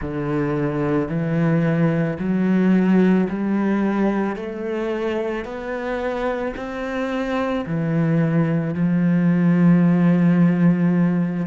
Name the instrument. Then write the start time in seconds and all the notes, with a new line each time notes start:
cello
0.00 D3
1.08 E3
2.19 F#3
3.29 G3
4.35 A3
5.44 B3
6.56 C4
7.66 E3
8.74 F3